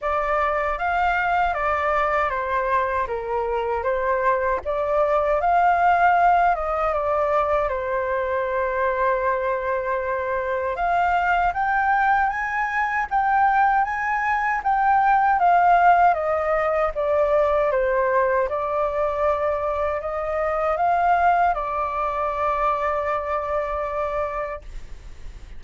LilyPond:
\new Staff \with { instrumentName = "flute" } { \time 4/4 \tempo 4 = 78 d''4 f''4 d''4 c''4 | ais'4 c''4 d''4 f''4~ | f''8 dis''8 d''4 c''2~ | c''2 f''4 g''4 |
gis''4 g''4 gis''4 g''4 | f''4 dis''4 d''4 c''4 | d''2 dis''4 f''4 | d''1 | }